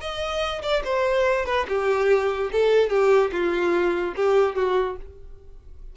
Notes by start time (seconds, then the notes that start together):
0.00 D#5
0.62 D5
0.84 C5
1.45 B4
1.68 G4
2.52 A4
2.89 G4
3.32 F4
4.16 G4
4.55 F#4